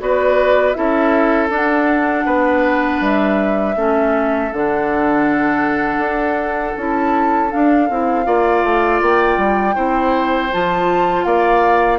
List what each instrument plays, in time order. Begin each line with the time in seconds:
0.00 bassoon B3, clarinet F#4, oboe B4, flute D5
0.73 bassoon C#4, clarinet E4, oboe A4, flute E5
1.50 bassoon D4, clarinet D4, flute F#5
2.26 bassoon B3, oboe B4
3.01 bassoon G3, flute E5
3.76 bassoon A3, clarinet C#4, oboe A4
4.53 bassoon D3, clarinet D4, flute F#5
5.99 bassoon D4
6.78 bassoon C#4, clarinet E4, flute A5
7.50 clarinet D4, bassoon D4, flute F5
7.90 bassoon C4, clarinet E4
8.25 bassoon A#3, clarinet F4, oboe D5
8.64 bassoon A3
9.02 bassoon A#3, flute G5
9.38 bassoon G3
9.75 bassoon C4, clarinet E4, oboe C5
10.53 bassoon F3, clarinet F4, flute A5
11.24 bassoon A#3, oboe D5, flute F5